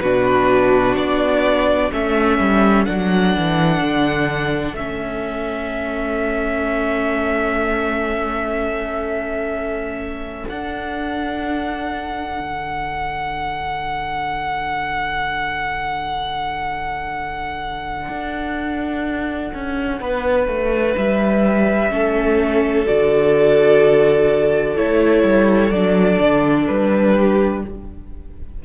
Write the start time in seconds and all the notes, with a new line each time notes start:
0.00 B2 D4 F#4 B4
0.95 B3 D5
1.90 A3 C#4 A4 E5
2.39 G3
2.85 F#3 D4 F#5
3.36 E3
3.82 D3
4.73 A3 C#4 E5
10.48 D4 F#5
12.40 D3
18.09 D4
19.54 C#4
20.01 B3 B4
20.47 A3
20.97 G3 E5
21.91 A3 C#4 A4
22.86 D3 F#4 D5
24.76 A3 E4 C#5
25.23 G3
25.70 F#3 D4 D5
26.19 D3
26.67 G3 B4
27.15 G4